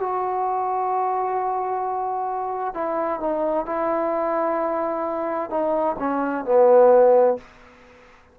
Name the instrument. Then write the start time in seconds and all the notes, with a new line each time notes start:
trombone
0.00 F#4
2.74 E4
3.20 D#4
3.65 E4
5.50 D#4
5.99 C#4
6.45 B3